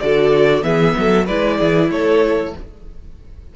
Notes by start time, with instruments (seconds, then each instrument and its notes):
0.00 cello D3, viola F#4, violin A4 D5
0.62 cello E3, viola B3, violin G#4 E5
0.98 cello F#3, violin A4
1.26 cello G#3, viola E4, violin B4 D5
1.58 cello E3, violin G#4
1.91 cello A3, violin A4 C#5